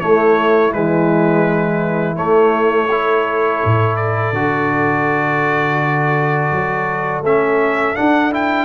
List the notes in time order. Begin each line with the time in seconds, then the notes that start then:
0.00 A3 E4 C#5
0.72 E3 G#3 B4
2.16 A3 C#5
2.89 E4 A4
3.64 A2
3.96 D5
4.33 D3 F#4
6.52 F#3
7.21 A3 C#4 E5
7.95 D4 F#5
8.31 E4 G5